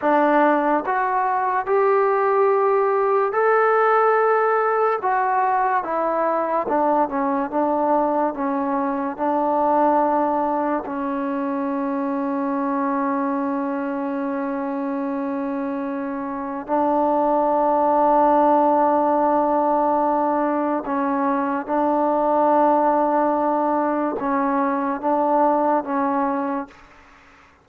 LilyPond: \new Staff \with { instrumentName = "trombone" } { \time 4/4 \tempo 4 = 72 d'4 fis'4 g'2 | a'2 fis'4 e'4 | d'8 cis'8 d'4 cis'4 d'4~ | d'4 cis'2.~ |
cis'1 | d'1~ | d'4 cis'4 d'2~ | d'4 cis'4 d'4 cis'4 | }